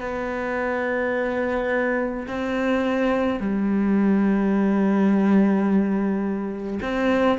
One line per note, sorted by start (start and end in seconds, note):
0.00 2.26 B3
2.27 3.40 C4
3.40 6.79 G3
6.82 7.38 C4